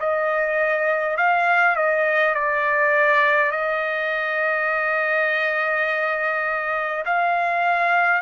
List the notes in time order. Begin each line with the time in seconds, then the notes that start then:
0.00 D#5
1.17 F5
1.75 D#5
2.35 D5
3.51 D#5
7.05 F5